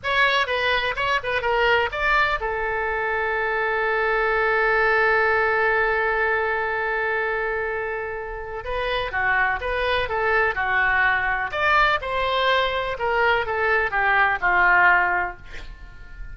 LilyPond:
\new Staff \with { instrumentName = "oboe" } { \time 4/4 \tempo 4 = 125 cis''4 b'4 cis''8 b'8 ais'4 | d''4 a'2.~ | a'1~ | a'1~ |
a'2 b'4 fis'4 | b'4 a'4 fis'2 | d''4 c''2 ais'4 | a'4 g'4 f'2 | }